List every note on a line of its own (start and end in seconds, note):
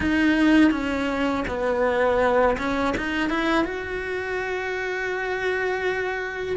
0.00 0.71 D#4
0.71 1.44 C#4
1.47 2.57 B3
2.57 2.94 C#4
2.97 3.29 D#4
3.29 3.64 E4
3.64 6.57 F#4